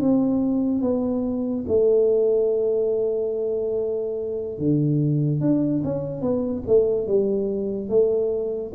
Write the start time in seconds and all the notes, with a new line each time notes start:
0.00 C4
0.81 B3
1.67 A3
4.58 D3
5.41 D4
5.84 C#4
6.21 B3
6.67 A3
7.07 G3
7.89 A3